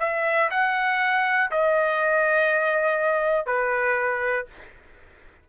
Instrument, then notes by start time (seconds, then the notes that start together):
trumpet
0.00 E5
0.51 F#5
1.51 D#5
3.46 B4